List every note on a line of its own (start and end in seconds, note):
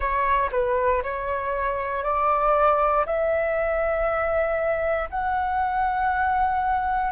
0.00 0.49 C#5
0.51 1.02 B4
1.03 2.03 C#5
2.03 3.05 D5
3.06 5.09 E5
5.09 7.11 F#5